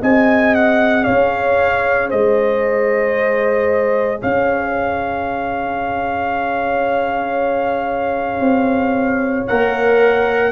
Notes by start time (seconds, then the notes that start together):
0.00 C4 G#4 D#5 G#5
0.54 F#5
1.04 C#4 C#5 F5
2.08 G#3 C5 D#5
4.21 C#4 C#5 F5
8.39 C4
9.47 A#3 A#4 F#5